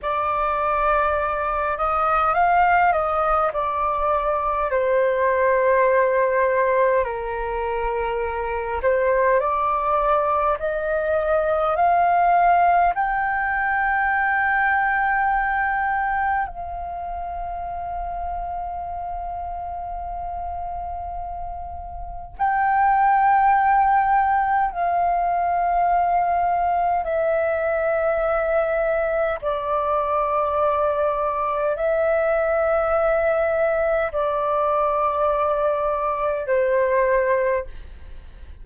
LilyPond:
\new Staff \with { instrumentName = "flute" } { \time 4/4 \tempo 4 = 51 d''4. dis''8 f''8 dis''8 d''4 | c''2 ais'4. c''8 | d''4 dis''4 f''4 g''4~ | g''2 f''2~ |
f''2. g''4~ | g''4 f''2 e''4~ | e''4 d''2 e''4~ | e''4 d''2 c''4 | }